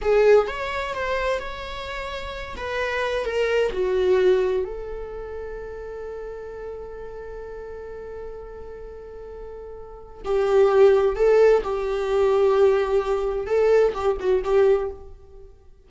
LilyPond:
\new Staff \with { instrumentName = "viola" } { \time 4/4 \tempo 4 = 129 gis'4 cis''4 c''4 cis''4~ | cis''4. b'4. ais'4 | fis'2 a'2~ | a'1~ |
a'1~ | a'2 g'2 | a'4 g'2.~ | g'4 a'4 g'8 fis'8 g'4 | }